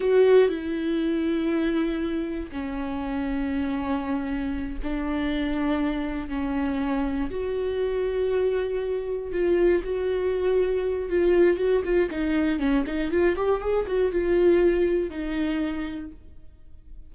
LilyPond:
\new Staff \with { instrumentName = "viola" } { \time 4/4 \tempo 4 = 119 fis'4 e'2.~ | e'4 cis'2.~ | cis'4. d'2~ d'8~ | d'8 cis'2 fis'4.~ |
fis'2~ fis'8 f'4 fis'8~ | fis'2 f'4 fis'8 f'8 | dis'4 cis'8 dis'8 f'8 g'8 gis'8 fis'8 | f'2 dis'2 | }